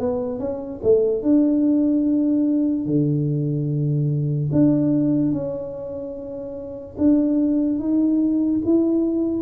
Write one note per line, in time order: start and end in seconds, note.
0.00 0.40 B3
0.40 0.81 C#4
0.83 1.23 A3
1.23 2.86 D4
2.86 4.51 D3
4.52 5.33 D4
5.33 6.97 C#4
6.99 7.80 D4
7.80 8.62 D#4
8.65 9.43 E4